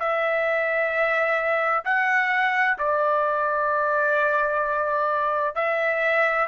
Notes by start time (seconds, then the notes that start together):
0.00 E5
1.85 F#5
2.79 D5
5.56 E5